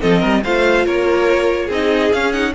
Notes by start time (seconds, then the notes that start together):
0.00 F3 C4 A4 D#5
0.19 G3 A#4
0.44 A3 F4 C5 F5
0.86 A#3 A#4 C#5
1.65 C4 D#4 G#4
1.72 D#5
2.13 C#4 F5
2.32 D#4 F#5